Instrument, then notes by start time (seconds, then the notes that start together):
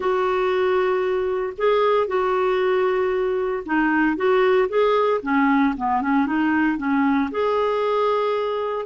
clarinet
0.00 F#4
1.57 G#4
2.07 F#4
3.65 D#4
4.16 F#4
4.68 G#4
5.22 C#4
5.76 B3
6.01 C#4
6.26 D#4
6.77 C#4
7.31 G#4